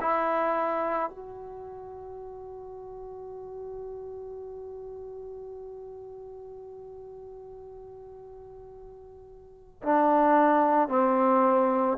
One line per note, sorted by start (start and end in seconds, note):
0.00 1.09 E4
1.09 9.82 F#4
9.83 10.88 D4
10.88 11.98 C4